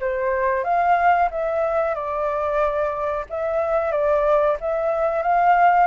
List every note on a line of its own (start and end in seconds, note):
0.00 0.64 C5
0.64 1.29 F5
1.30 1.94 E5
1.94 3.25 D5
3.29 3.92 E5
3.92 4.57 D5
4.60 5.22 E5
5.22 5.86 F5